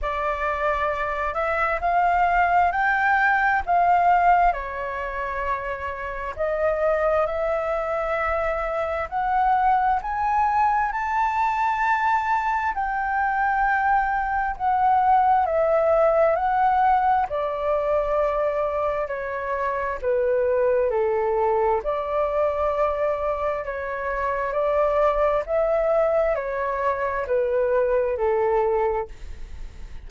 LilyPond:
\new Staff \with { instrumentName = "flute" } { \time 4/4 \tempo 4 = 66 d''4. e''8 f''4 g''4 | f''4 cis''2 dis''4 | e''2 fis''4 gis''4 | a''2 g''2 |
fis''4 e''4 fis''4 d''4~ | d''4 cis''4 b'4 a'4 | d''2 cis''4 d''4 | e''4 cis''4 b'4 a'4 | }